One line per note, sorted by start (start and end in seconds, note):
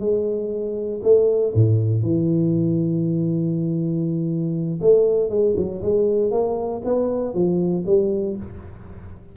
0.00 1.01 G#3
1.03 1.54 A3
1.55 2.03 A2
2.03 4.80 E3
4.82 5.30 A3
5.30 5.55 G#3
5.57 5.82 F#3
5.82 6.32 G#3
6.32 6.82 A#3
6.85 7.34 B3
7.34 7.85 F3
7.86 8.37 G3